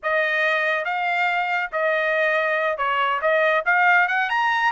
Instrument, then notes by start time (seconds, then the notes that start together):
trumpet
0.03 D#5
0.84 F5
1.71 D#5
2.77 C#5
3.21 D#5
3.65 F5
4.08 F#5
4.29 A#5